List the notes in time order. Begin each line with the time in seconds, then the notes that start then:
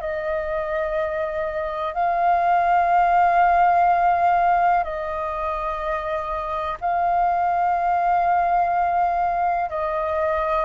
0.00 D#5
1.94 F5
4.83 D#5
6.80 F5
9.70 D#5